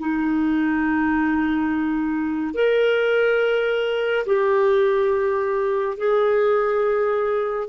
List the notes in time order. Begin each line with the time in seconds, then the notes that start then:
0.00 D#4
2.55 A#4
4.27 G4
5.98 G#4